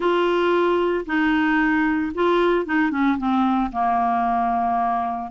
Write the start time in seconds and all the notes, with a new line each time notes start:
0.00 F4
1.06 D#4
2.14 F4
2.65 D#4
2.91 C#4
3.17 C4
3.72 A#3